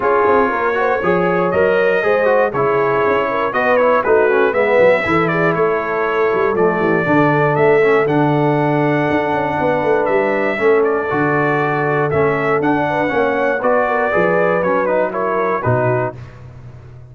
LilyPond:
<<
  \new Staff \with { instrumentName = "trumpet" } { \time 4/4 \tempo 4 = 119 cis''2. dis''4~ | dis''4 cis''2 dis''8 cis''8 | b'4 e''4. d''8 cis''4~ | cis''4 d''2 e''4 |
fis''1 | e''4. d''2~ d''8 | e''4 fis''2 d''4~ | d''4 cis''8 b'8 cis''4 b'4 | }
  \new Staff \with { instrumentName = "horn" } { \time 4/4 gis'4 ais'8 c''8 cis''2 | c''4 gis'4. ais'8 b'4 | fis'4 b'4 a'8 gis'8 a'4~ | a'4. g'8 a'2~ |
a'2. b'4~ | b'4 a'2.~ | a'4. b'8 cis''4 b'8 ais'8 | b'2 ais'4 fis'4 | }
  \new Staff \with { instrumentName = "trombone" } { \time 4/4 f'4. fis'8 gis'4 ais'4 | gis'8 fis'8 e'2 fis'8 e'8 | dis'8 cis'8 b4 e'2~ | e'4 a4 d'4. cis'8 |
d'1~ | d'4 cis'4 fis'2 | cis'4 d'4 cis'4 fis'4 | gis'4 cis'8 dis'8 e'4 dis'4 | }
  \new Staff \with { instrumentName = "tuba" } { \time 4/4 cis'8 c'8 ais4 f4 fis4 | gis4 cis4 cis'4 b4 | a4 gis8 fis8 e4 a4~ | a8 g8 f8 e8 d4 a4 |
d2 d'8 cis'8 b8 a8 | g4 a4 d2 | a4 d'4 ais4 b4 | f4 fis2 b,4 | }
>>